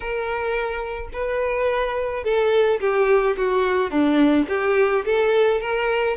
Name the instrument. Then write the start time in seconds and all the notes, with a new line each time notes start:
violin
0.00 A#4
1.12 B4
2.24 A4
2.80 G4
3.37 F#4
3.90 D4
4.48 G4
5.05 A4
5.60 A#4